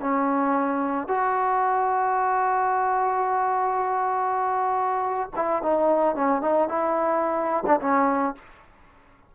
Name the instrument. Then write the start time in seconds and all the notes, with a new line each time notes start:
trombone
0.00 C#4
1.07 F#4
5.36 E4
5.62 D#4
6.15 C#4
6.41 D#4
6.68 E4
7.66 D4
7.80 C#4